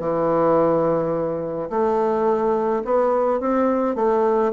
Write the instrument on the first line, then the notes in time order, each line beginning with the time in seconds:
bassoon
0.00 E3
1.70 A3
2.85 B3
3.40 C4
3.96 A3